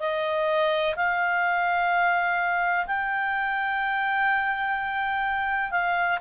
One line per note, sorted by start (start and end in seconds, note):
0.00 0.95 D#5
0.96 2.86 F5
2.87 5.71 G5
5.71 6.19 F5